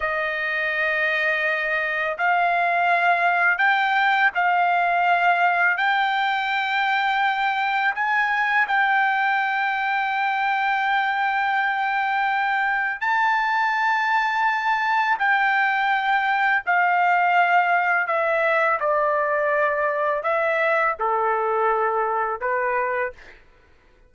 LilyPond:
\new Staff \with { instrumentName = "trumpet" } { \time 4/4 \tempo 4 = 83 dis''2. f''4~ | f''4 g''4 f''2 | g''2. gis''4 | g''1~ |
g''2 a''2~ | a''4 g''2 f''4~ | f''4 e''4 d''2 | e''4 a'2 b'4 | }